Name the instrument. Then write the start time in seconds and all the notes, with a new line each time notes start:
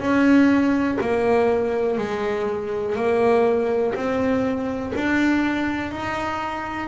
double bass
0.00 C#4
1.01 A#3
1.99 G#3
2.96 A#3
3.95 C4
4.96 D4
5.92 D#4